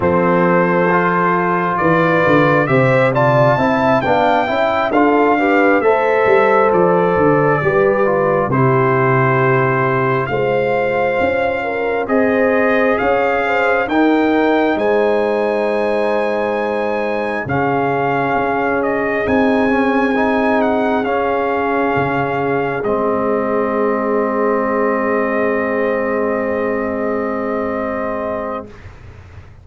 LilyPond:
<<
  \new Staff \with { instrumentName = "trumpet" } { \time 4/4 \tempo 4 = 67 c''2 d''4 e''8 a''8~ | a''8 g''4 f''4 e''4 d''8~ | d''4. c''2 f''8~ | f''4. dis''4 f''4 g''8~ |
g''8 gis''2. f''8~ | f''4 dis''8 gis''4. fis''8 f''8~ | f''4. dis''2~ dis''8~ | dis''1 | }
  \new Staff \with { instrumentName = "horn" } { \time 4/4 a'2 b'4 c''8 d''8 | e''8 f''8 e''8 a'8 b'8 c''4.~ | c''8 b'4 g'2 c''8~ | c''4 ais'8 c''4 cis''8 c''8 ais'8~ |
ais'8 c''2. gis'8~ | gis'1~ | gis'1~ | gis'1 | }
  \new Staff \with { instrumentName = "trombone" } { \time 4/4 c'4 f'2 g'8 f'8 | e'8 d'8 e'8 f'8 g'8 a'4.~ | a'8 g'8 f'8 e'2 f'8~ | f'4. gis'2 dis'8~ |
dis'2.~ dis'8 cis'8~ | cis'4. dis'8 cis'8 dis'4 cis'8~ | cis'4. c'2~ c'8~ | c'1 | }
  \new Staff \with { instrumentName = "tuba" } { \time 4/4 f2 e8 d8 c4 | c'8 b8 cis'8 d'4 a8 g8 f8 | d8 g4 c2 gis8~ | gis8 cis'4 c'4 cis'4 dis'8~ |
dis'8 gis2. cis8~ | cis8 cis'4 c'2 cis'8~ | cis'8 cis4 gis2~ gis8~ | gis1 | }
>>